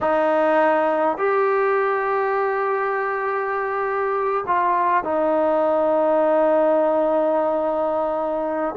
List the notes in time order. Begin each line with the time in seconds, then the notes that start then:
0.01 D#4
1.17 G4
4.47 F4
5.04 D#4